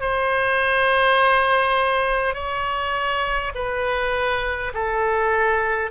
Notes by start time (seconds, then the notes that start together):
0.00 C5
2.34 C#5
3.55 B4
4.74 A4